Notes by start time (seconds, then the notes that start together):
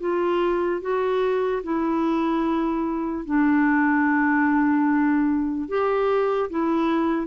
0.00 F4
0.81 F#4
1.63 E4
3.25 D4
5.68 G4
6.50 E4